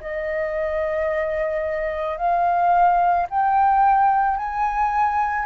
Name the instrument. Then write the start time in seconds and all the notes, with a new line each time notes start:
flute
0.00 D#5
2.17 F5
3.30 G5
4.37 G#5